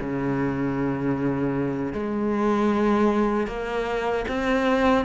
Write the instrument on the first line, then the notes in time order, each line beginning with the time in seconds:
cello
0.00 C#3
1.93 G#3
3.47 A#3
4.28 C4